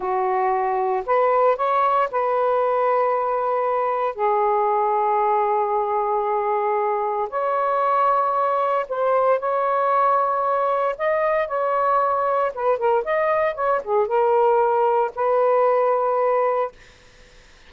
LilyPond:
\new Staff \with { instrumentName = "saxophone" } { \time 4/4 \tempo 4 = 115 fis'2 b'4 cis''4 | b'1 | gis'1~ | gis'2 cis''2~ |
cis''4 c''4 cis''2~ | cis''4 dis''4 cis''2 | b'8 ais'8 dis''4 cis''8 gis'8 ais'4~ | ais'4 b'2. | }